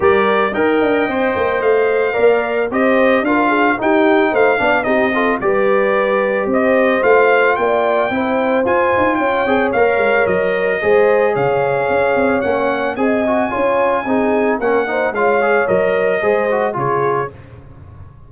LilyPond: <<
  \new Staff \with { instrumentName = "trumpet" } { \time 4/4 \tempo 4 = 111 d''4 g''2 f''4~ | f''4 dis''4 f''4 g''4 | f''4 dis''4 d''2 | dis''4 f''4 g''2 |
gis''4 g''4 f''4 dis''4~ | dis''4 f''2 fis''4 | gis''2. fis''4 | f''4 dis''2 cis''4 | }
  \new Staff \with { instrumentName = "horn" } { \time 4/4 ais'4 dis''2. | d''4 c''4 ais'8 gis'8 g'4 | c''8 d''8 g'8 a'8 b'2 | c''2 d''4 c''4~ |
c''4 cis''2. | c''4 cis''2. | dis''4 cis''4 gis'4 ais'8 c''8 | cis''2 c''4 gis'4 | }
  \new Staff \with { instrumentName = "trombone" } { \time 4/4 g'4 ais'4 c''2 | ais'4 g'4 f'4 dis'4~ | dis'8 d'8 dis'8 f'8 g'2~ | g'4 f'2 e'4 |
f'4. gis'8 ais'2 | gis'2. cis'4 | gis'8 fis'8 f'4 dis'4 cis'8 dis'8 | f'8 gis'8 ais'4 gis'8 fis'8 f'4 | }
  \new Staff \with { instrumentName = "tuba" } { \time 4/4 g4 dis'8 d'8 c'8 ais8 a4 | ais4 c'4 d'4 dis'4 | a8 b8 c'4 g2 | c'4 a4 ais4 c'4 |
f'8 dis'8 cis'8 c'8 ais8 gis8 fis4 | gis4 cis4 cis'8 c'8 ais4 | c'4 cis'4 c'4 ais4 | gis4 fis4 gis4 cis4 | }
>>